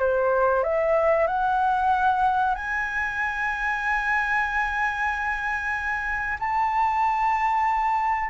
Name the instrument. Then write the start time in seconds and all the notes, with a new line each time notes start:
flute
0.00 C5
0.64 E5
1.28 F#5
2.55 G#5
6.40 A5